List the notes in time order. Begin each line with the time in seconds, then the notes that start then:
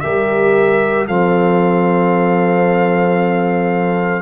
0.00 G3 G4 A#4 E5
1.07 F3 C4 A4 F5